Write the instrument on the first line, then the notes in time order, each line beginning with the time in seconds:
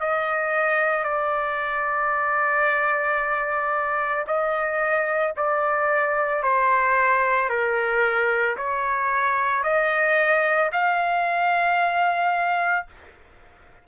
trumpet
0.00 D#5
1.04 D5
4.27 D#5
5.36 D5
6.43 C5
7.49 A#4
8.57 C#5
9.63 D#5
10.72 F5